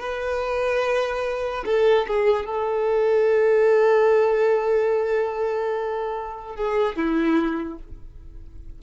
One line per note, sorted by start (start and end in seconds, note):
0.00 1.64 B4
1.66 2.07 A4
2.08 2.46 G#4
2.46 6.56 A4
6.56 6.96 G#4
6.96 7.79 E4